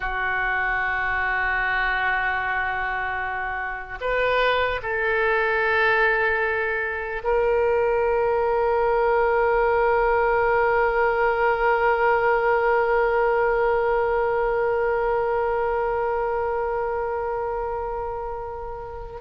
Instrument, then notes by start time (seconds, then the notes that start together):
oboe
0.00 F#4
4.00 B4
4.82 A4
7.23 A#4